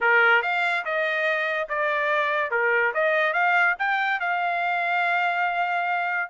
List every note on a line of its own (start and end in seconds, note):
0.01 0.42 A#4
0.42 0.84 F5
0.84 1.68 D#5
1.68 2.50 D5
2.50 2.92 A#4
2.94 3.33 D#5
3.33 3.75 F5
3.78 4.20 G5
4.20 6.29 F5